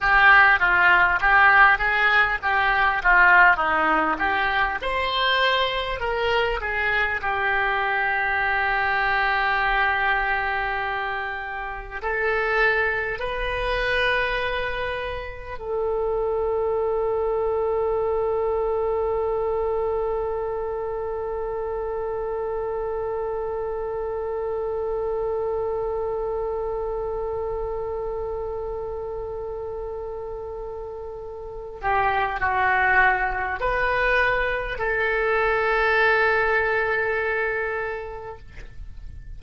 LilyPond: \new Staff \with { instrumentName = "oboe" } { \time 4/4 \tempo 4 = 50 g'8 f'8 g'8 gis'8 g'8 f'8 dis'8 g'8 | c''4 ais'8 gis'8 g'2~ | g'2 a'4 b'4~ | b'4 a'2.~ |
a'1~ | a'1~ | a'2~ a'8 g'8 fis'4 | b'4 a'2. | }